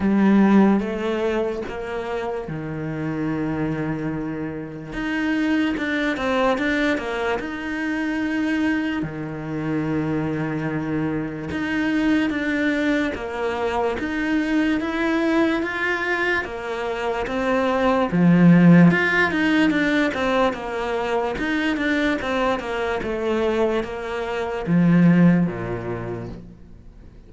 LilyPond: \new Staff \with { instrumentName = "cello" } { \time 4/4 \tempo 4 = 73 g4 a4 ais4 dis4~ | dis2 dis'4 d'8 c'8 | d'8 ais8 dis'2 dis4~ | dis2 dis'4 d'4 |
ais4 dis'4 e'4 f'4 | ais4 c'4 f4 f'8 dis'8 | d'8 c'8 ais4 dis'8 d'8 c'8 ais8 | a4 ais4 f4 ais,4 | }